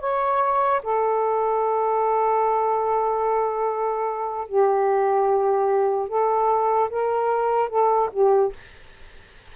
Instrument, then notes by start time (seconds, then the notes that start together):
saxophone
0.00 C#5
0.83 A4
4.48 G4
6.08 A4
6.90 A#4
7.69 A4
8.12 G4